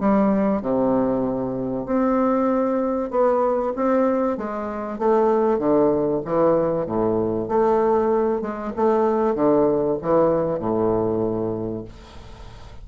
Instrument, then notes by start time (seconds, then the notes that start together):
bassoon
0.00 G3
0.62 C3
1.86 C4
3.11 B3
3.76 C4
4.37 G#3
4.99 A3
5.59 D3
6.25 E3
6.86 A2
7.48 A3
8.41 G#3
8.76 A3
9.35 D3
10.02 E3
10.59 A2